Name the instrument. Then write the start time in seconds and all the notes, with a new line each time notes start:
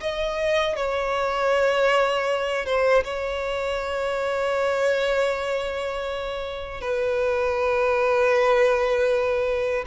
violin
0.00 D#5
0.76 C#5
2.65 C5
3.04 C#5
6.80 B4